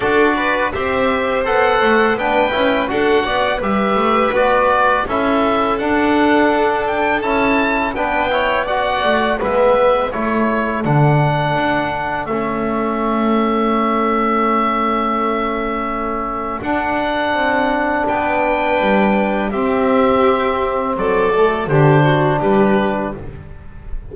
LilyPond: <<
  \new Staff \with { instrumentName = "oboe" } { \time 4/4 \tempo 4 = 83 d''4 e''4 fis''4 g''4 | fis''4 e''4 d''4 e''4 | fis''4. g''8 a''4 g''4 | fis''4 e''4 cis''4 fis''4~ |
fis''4 e''2.~ | e''2. fis''4~ | fis''4 g''2 e''4~ | e''4 d''4 c''4 b'4 | }
  \new Staff \with { instrumentName = "violin" } { \time 4/4 a'8 b'8 c''2 b'4 | a'8 d''8 b'2 a'4~ | a'2. b'8 cis''8 | d''4 b'4 a'2~ |
a'1~ | a'1~ | a'4 b'2 g'4~ | g'4 a'4 g'8 fis'8 g'4 | }
  \new Staff \with { instrumentName = "trombone" } { \time 4/4 fis'4 g'4 a'4 d'8 e'8 | fis'4 g'4 fis'4 e'4 | d'2 e'4 d'8 e'8 | fis'4 b4 e'4 d'4~ |
d'4 cis'2.~ | cis'2. d'4~ | d'2. c'4~ | c'4. a8 d'2 | }
  \new Staff \with { instrumentName = "double bass" } { \time 4/4 d'4 c'4 b8 a8 b8 cis'8 | d'8 b8 g8 a8 b4 cis'4 | d'2 cis'4 b4~ | b8 a8 gis4 a4 d4 |
d'4 a2.~ | a2. d'4 | c'4 b4 g4 c'4~ | c'4 fis4 d4 g4 | }
>>